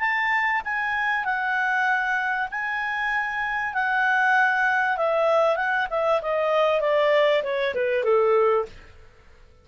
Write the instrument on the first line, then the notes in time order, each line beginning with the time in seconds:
clarinet
0.00 A5
0.65 G#5
1.25 F#5
2.51 G#5
3.74 F#5
4.98 E5
5.56 F#5
5.90 E5
6.22 D#5
6.81 D5
7.44 C#5
7.75 B4
8.04 A4